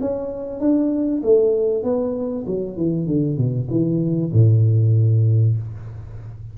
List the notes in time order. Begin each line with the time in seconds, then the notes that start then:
0.00 C#4
0.60 D4
1.23 A3
1.83 B3
2.46 F#3
2.76 E3
3.06 D3
3.37 B2
3.70 E3
4.33 A2